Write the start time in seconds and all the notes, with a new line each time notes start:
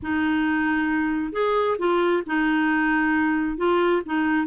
0.02 D#4
1.32 G#4
1.78 F4
2.26 D#4
3.57 F4
4.05 D#4